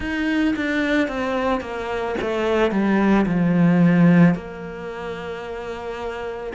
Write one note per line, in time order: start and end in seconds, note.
0.00 0.55 D#4
0.56 1.08 D4
1.08 1.60 C4
1.60 2.15 A#3
2.21 2.71 A3
2.71 3.25 G3
3.25 4.34 F3
4.34 6.53 A#3